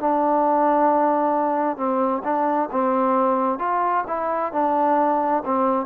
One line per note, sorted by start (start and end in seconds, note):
0.00 1.77 D4
1.77 2.23 C4
2.24 2.70 D4
2.72 3.59 C4
3.59 4.05 F4
4.08 4.53 E4
4.53 5.44 D4
5.46 5.87 C4